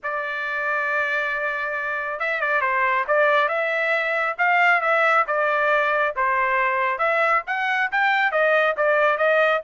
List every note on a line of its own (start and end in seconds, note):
0.03 2.19 D5
2.19 2.40 E5
2.40 2.61 D5
2.61 3.04 C5
3.07 3.48 D5
3.48 4.36 E5
4.38 4.81 F5
4.81 5.25 E5
5.27 6.14 D5
6.16 6.98 C5
6.98 7.42 E5
7.47 7.90 F#5
7.91 8.31 G5
8.31 8.75 D#5
8.77 9.17 D5
9.17 9.61 D#5